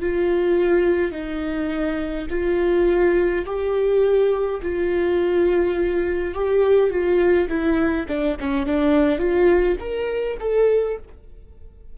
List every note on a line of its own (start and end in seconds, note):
0.00 1.11 F4
1.11 2.27 D#4
2.30 3.45 F4
3.45 4.60 G4
4.63 6.34 F4
6.34 6.90 G4
6.90 7.48 F4
7.48 8.06 E4
8.08 8.37 D4
8.40 8.66 C#4
8.66 9.19 D4
9.19 9.77 F4
9.80 10.37 A#4
10.40 10.98 A4